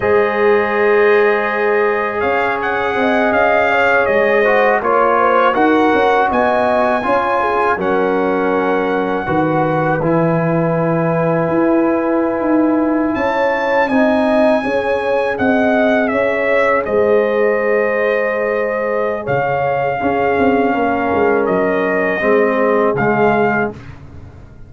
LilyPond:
<<
  \new Staff \with { instrumentName = "trumpet" } { \time 4/4 \tempo 4 = 81 dis''2. f''8 fis''8~ | fis''8 f''4 dis''4 cis''4 fis''8~ | fis''8 gis''2 fis''4.~ | fis''4. gis''2~ gis''8~ |
gis''4.~ gis''16 a''4 gis''4~ gis''16~ | gis''8. fis''4 e''4 dis''4~ dis''16~ | dis''2 f''2~ | f''4 dis''2 f''4 | }
  \new Staff \with { instrumentName = "horn" } { \time 4/4 c''2. cis''4 | dis''4 cis''4 c''8 cis''8 c''8 ais'8~ | ais'8 dis''4 cis''8 gis'8 ais'4.~ | ais'8 b'2.~ b'8~ |
b'4.~ b'16 cis''4 dis''4 cis''16~ | cis''8. dis''4 cis''4 c''4~ c''16~ | c''2 cis''4 gis'4 | ais'2 gis'2 | }
  \new Staff \with { instrumentName = "trombone" } { \time 4/4 gis'1~ | gis'2 fis'8 f'4 fis'8~ | fis'4. f'4 cis'4.~ | cis'8 fis'4 e'2~ e'8~ |
e'2~ e'8. dis'4 gis'16~ | gis'1~ | gis'2. cis'4~ | cis'2 c'4 gis4 | }
  \new Staff \with { instrumentName = "tuba" } { \time 4/4 gis2. cis'4 | c'8 cis'4 gis4 ais4 dis'8 | cis'8 b4 cis'4 fis4.~ | fis8 dis4 e2 e'8~ |
e'8. dis'4 cis'4 c'4 cis'16~ | cis'8. c'4 cis'4 gis4~ gis16~ | gis2 cis4 cis'8 c'8 | ais8 gis8 fis4 gis4 cis4 | }
>>